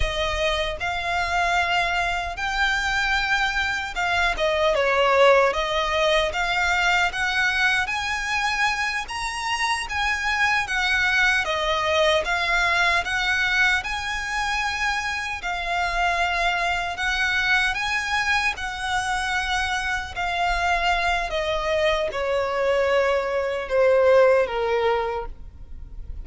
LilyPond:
\new Staff \with { instrumentName = "violin" } { \time 4/4 \tempo 4 = 76 dis''4 f''2 g''4~ | g''4 f''8 dis''8 cis''4 dis''4 | f''4 fis''4 gis''4. ais''8~ | ais''8 gis''4 fis''4 dis''4 f''8~ |
f''8 fis''4 gis''2 f''8~ | f''4. fis''4 gis''4 fis''8~ | fis''4. f''4. dis''4 | cis''2 c''4 ais'4 | }